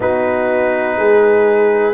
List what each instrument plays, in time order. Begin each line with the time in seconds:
0.00 tuba B3, trombone D#4, horn F#4, trumpet B4
0.96 tuba G#3, horn G#4